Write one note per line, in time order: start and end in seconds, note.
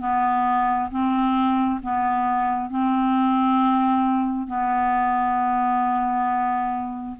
0.00 0.90 B3
0.91 1.80 C4
1.82 2.69 B3
2.69 4.47 C4
4.47 7.16 B3